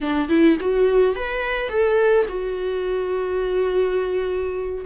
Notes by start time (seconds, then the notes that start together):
0.01 D4
0.28 E4
0.60 F#4
1.15 B4
1.69 A4
2.28 F#4